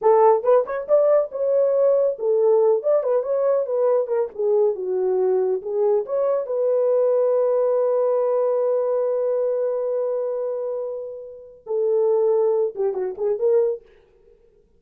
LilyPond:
\new Staff \with { instrumentName = "horn" } { \time 4/4 \tempo 4 = 139 a'4 b'8 cis''8 d''4 cis''4~ | cis''4 a'4. d''8 b'8 cis''8~ | cis''8 b'4 ais'8 gis'4 fis'4~ | fis'4 gis'4 cis''4 b'4~ |
b'1~ | b'1~ | b'2. a'4~ | a'4. g'8 fis'8 gis'8 ais'4 | }